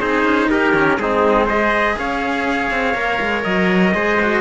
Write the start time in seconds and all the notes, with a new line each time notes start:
0.00 C4 D#4 G#4 C5
0.25 C#4
0.50 D#4 G4 A#4
0.74 D#3 C#4
0.98 G#3 C4 D#4 G#4
1.46 G#4 C5 D#5
1.99 C#4 C#5 F5
2.71 C4
2.94 A#3 A#4
3.20 G#3
3.44 F#3 D#5
3.94 G#3 G#4 C5
4.22 F#4